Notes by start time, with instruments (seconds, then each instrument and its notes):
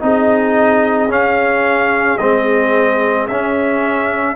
0.00 tuba C4, trombone D#4, horn G#4, trumpet D#5
1.08 tuba C#4, trombone C#4, trumpet F5
2.17 tuba G#3, trombone C4, trumpet D#5
3.27 tuba C#4, trombone C#4, trumpet E5